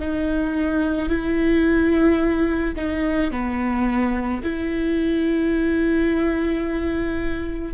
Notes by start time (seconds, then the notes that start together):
0.00 D#4
1.10 E4
2.76 D#4
3.32 B3
4.43 E4